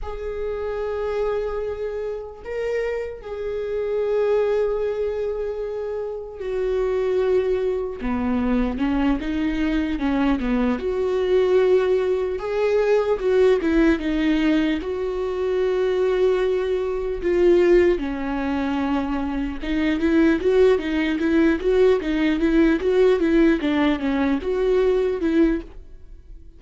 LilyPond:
\new Staff \with { instrumentName = "viola" } { \time 4/4 \tempo 4 = 75 gis'2. ais'4 | gis'1 | fis'2 b4 cis'8 dis'8~ | dis'8 cis'8 b8 fis'2 gis'8~ |
gis'8 fis'8 e'8 dis'4 fis'4.~ | fis'4. f'4 cis'4.~ | cis'8 dis'8 e'8 fis'8 dis'8 e'8 fis'8 dis'8 | e'8 fis'8 e'8 d'8 cis'8 fis'4 e'8 | }